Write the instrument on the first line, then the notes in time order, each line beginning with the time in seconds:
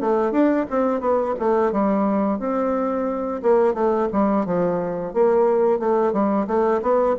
bassoon
0.00 A3
0.31 D4
0.70 C4
1.00 B3
1.39 A3
1.72 G3
2.39 C4
3.42 A#3
3.73 A3
4.12 G3
4.45 F3
5.14 A#3
5.79 A3
6.12 G3
6.47 A3
6.82 B3